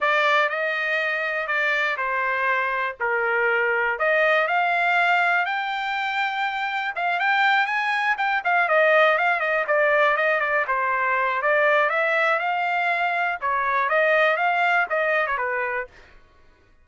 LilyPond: \new Staff \with { instrumentName = "trumpet" } { \time 4/4 \tempo 4 = 121 d''4 dis''2 d''4 | c''2 ais'2 | dis''4 f''2 g''4~ | g''2 f''8 g''4 gis''8~ |
gis''8 g''8 f''8 dis''4 f''8 dis''8 d''8~ | d''8 dis''8 d''8 c''4. d''4 | e''4 f''2 cis''4 | dis''4 f''4 dis''8. cis''16 b'4 | }